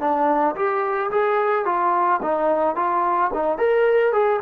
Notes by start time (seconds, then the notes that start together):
0.00 D4
0.55 G4
1.11 G#4
1.65 F4
2.22 D#4
2.75 F4
3.33 D#4
3.58 A#4
4.12 G#4